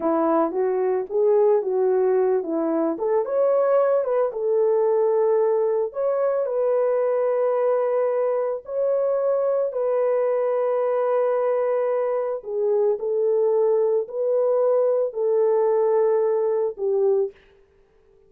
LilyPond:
\new Staff \with { instrumentName = "horn" } { \time 4/4 \tempo 4 = 111 e'4 fis'4 gis'4 fis'4~ | fis'8 e'4 a'8 cis''4. b'8 | a'2. cis''4 | b'1 |
cis''2 b'2~ | b'2. gis'4 | a'2 b'2 | a'2. g'4 | }